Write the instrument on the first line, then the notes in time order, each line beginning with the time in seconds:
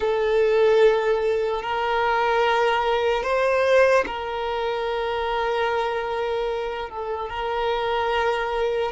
violin
0.00 A4
1.62 A#4
3.23 C5
4.06 A#4
6.89 A4
7.29 A#4